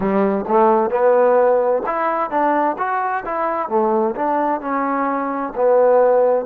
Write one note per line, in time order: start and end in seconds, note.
0.00 0.45 G3
0.47 0.90 A3
0.90 1.82 B3
1.85 2.30 E4
2.30 2.76 D4
2.77 3.23 F#4
3.25 3.68 E4
3.68 4.15 A3
4.15 4.61 D4
4.61 5.53 C#4
5.55 6.45 B3